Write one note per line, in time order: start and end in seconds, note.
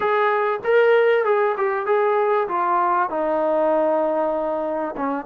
0.00 0.60 G#4
0.64 1.24 A#4
1.24 1.55 G#4
1.57 1.86 G4
1.86 2.47 G#4
2.47 3.09 F4
3.09 4.95 D#4
4.97 5.25 C#4